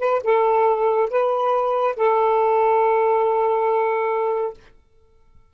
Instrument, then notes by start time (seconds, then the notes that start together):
saxophone
0.00 B4
0.24 A4
1.11 B4
1.97 A4